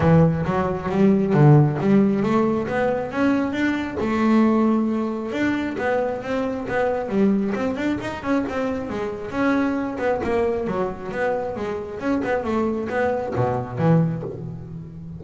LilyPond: \new Staff \with { instrumentName = "double bass" } { \time 4/4 \tempo 4 = 135 e4 fis4 g4 d4 | g4 a4 b4 cis'4 | d'4 a2. | d'4 b4 c'4 b4 |
g4 c'8 d'8 dis'8 cis'8 c'4 | gis4 cis'4. b8 ais4 | fis4 b4 gis4 cis'8 b8 | a4 b4 b,4 e4 | }